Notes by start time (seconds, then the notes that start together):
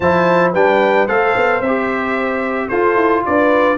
0.00 F3 E4 C5 A5
0.52 G3 D4 B4 G5
1.05 A3 A4 C5 F5
1.35 B3
1.60 C4 E5
1.66 G4
2.68 F4 A4 C5
2.95 E4
3.25 D4 B4 D5